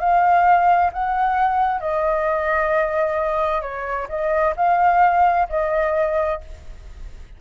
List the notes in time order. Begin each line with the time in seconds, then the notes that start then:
0.00 F5
0.93 F#5
1.80 D#5
3.62 C#5
4.09 D#5
4.57 F5
5.49 D#5